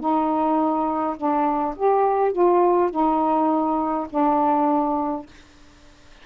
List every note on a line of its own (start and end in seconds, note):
0.00 1.17 D#4
1.17 1.75 D4
1.77 2.32 G4
2.32 2.91 F4
2.91 4.08 D#4
4.10 5.27 D4